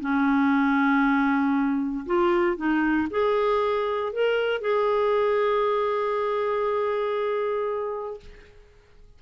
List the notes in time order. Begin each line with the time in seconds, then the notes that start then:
0.00 C#4
2.06 F4
2.56 D#4
3.10 G#4
4.12 A#4
4.61 G#4